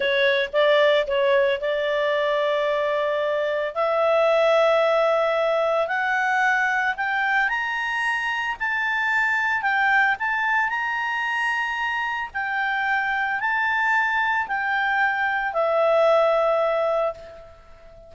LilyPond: \new Staff \with { instrumentName = "clarinet" } { \time 4/4 \tempo 4 = 112 cis''4 d''4 cis''4 d''4~ | d''2. e''4~ | e''2. fis''4~ | fis''4 g''4 ais''2 |
a''2 g''4 a''4 | ais''2. g''4~ | g''4 a''2 g''4~ | g''4 e''2. | }